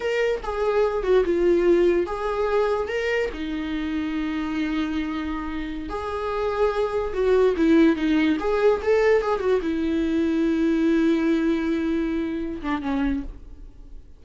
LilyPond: \new Staff \with { instrumentName = "viola" } { \time 4/4 \tempo 4 = 145 ais'4 gis'4. fis'8 f'4~ | f'4 gis'2 ais'4 | dis'1~ | dis'2~ dis'16 gis'4.~ gis'16~ |
gis'4~ gis'16 fis'4 e'4 dis'8.~ | dis'16 gis'4 a'4 gis'8 fis'8 e'8.~ | e'1~ | e'2~ e'8 d'8 cis'4 | }